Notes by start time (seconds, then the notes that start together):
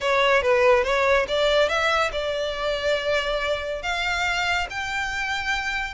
0.01 C#5
0.41 B4
0.84 C#5
1.28 D5
1.68 E5
2.12 D5
3.82 F5
4.70 G5